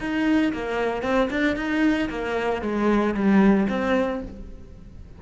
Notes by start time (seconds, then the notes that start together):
0.00 D#4
0.53 A#3
1.03 C4
1.30 D4
1.56 D#4
2.10 A#3
2.62 G#3
3.14 G3
3.69 C4